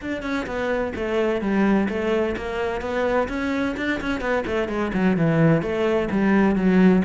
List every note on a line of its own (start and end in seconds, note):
0.01 0.22 D4
0.22 0.46 C#4
0.46 0.93 B3
0.95 1.41 A3
1.41 1.87 G3
1.89 2.35 A3
2.37 2.81 A#3
2.81 3.28 B3
3.28 3.75 C#4
3.76 4.00 D4
4.00 4.20 C#4
4.20 4.44 B3
4.46 4.68 A3
4.68 4.91 G#3
4.93 5.16 F#3
5.16 5.61 E3
5.61 6.08 A3
6.10 6.55 G3
6.55 7.02 F#3